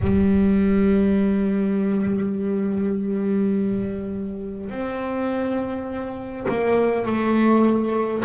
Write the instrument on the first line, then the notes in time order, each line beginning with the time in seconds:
double bass
0.01 G3
4.70 C4
6.48 A#3
7.05 A3